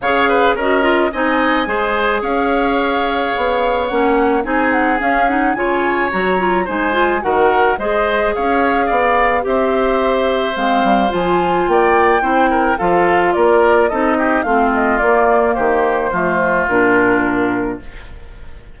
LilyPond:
<<
  \new Staff \with { instrumentName = "flute" } { \time 4/4 \tempo 4 = 108 f''4 dis''4 gis''2 | f''2. fis''4 | gis''8 fis''8 f''8 fis''8 gis''4 ais''4 | gis''4 fis''4 dis''4 f''4~ |
f''4 e''2 f''4 | gis''4 g''2 f''4 | d''4 dis''4 f''8 dis''8 d''4 | c''2 ais'2 | }
  \new Staff \with { instrumentName = "oboe" } { \time 4/4 cis''8 b'8 ais'4 dis''4 c''4 | cis''1 | gis'2 cis''2 | c''4 ais'4 c''4 cis''4 |
d''4 c''2.~ | c''4 d''4 c''8 ais'8 a'4 | ais'4 a'8 g'8 f'2 | g'4 f'2. | }
  \new Staff \with { instrumentName = "clarinet" } { \time 4/4 gis'4 fis'8 f'8 dis'4 gis'4~ | gis'2. cis'4 | dis'4 cis'8 dis'8 f'4 fis'8 f'8 | dis'8 f'8 fis'4 gis'2~ |
gis'4 g'2 c'4 | f'2 e'4 f'4~ | f'4 dis'4 c'4 ais4~ | ais4 a4 d'2 | }
  \new Staff \with { instrumentName = "bassoon" } { \time 4/4 cis4 cis'4 c'4 gis4 | cis'2 b4 ais4 | c'4 cis'4 cis4 fis4 | gis4 dis4 gis4 cis'4 |
b4 c'2 gis8 g8 | f4 ais4 c'4 f4 | ais4 c'4 a4 ais4 | dis4 f4 ais,2 | }
>>